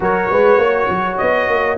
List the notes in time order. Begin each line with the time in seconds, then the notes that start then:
0.00 F#3 F#4 A#4 C#5
0.30 G#3 B4
0.58 A#3 C#5
0.89 F#3
1.17 B3 D#5
1.48 A#3